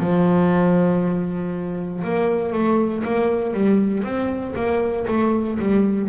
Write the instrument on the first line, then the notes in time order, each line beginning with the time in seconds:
double bass
0.00 F3
2.04 A#3
2.53 A3
3.05 A#3
3.54 G3
4.04 C4
4.56 A#3
5.08 A3
5.59 G3